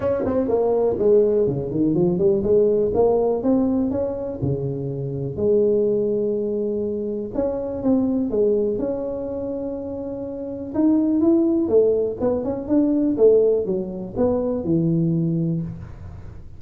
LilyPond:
\new Staff \with { instrumentName = "tuba" } { \time 4/4 \tempo 4 = 123 cis'8 c'8 ais4 gis4 cis8 dis8 | f8 g8 gis4 ais4 c'4 | cis'4 cis2 gis4~ | gis2. cis'4 |
c'4 gis4 cis'2~ | cis'2 dis'4 e'4 | a4 b8 cis'8 d'4 a4 | fis4 b4 e2 | }